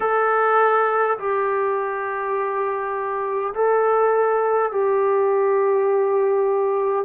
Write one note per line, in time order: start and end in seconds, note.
0.00 1.18 A4
1.18 3.53 G4
3.54 4.71 A4
4.71 7.05 G4